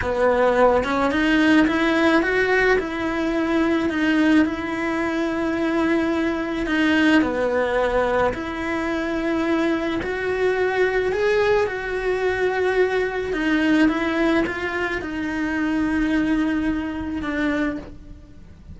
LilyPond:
\new Staff \with { instrumentName = "cello" } { \time 4/4 \tempo 4 = 108 b4. cis'8 dis'4 e'4 | fis'4 e'2 dis'4 | e'1 | dis'4 b2 e'4~ |
e'2 fis'2 | gis'4 fis'2. | dis'4 e'4 f'4 dis'4~ | dis'2. d'4 | }